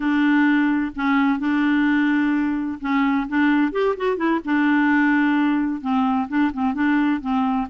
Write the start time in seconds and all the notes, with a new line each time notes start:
0.00 D4
0.95 C#4
1.39 D4
2.80 C#4
3.28 D4
3.72 G4
3.96 F#4
4.16 E4
4.44 D4
5.81 C4
6.28 D4
6.53 C4
6.74 D4
7.21 C4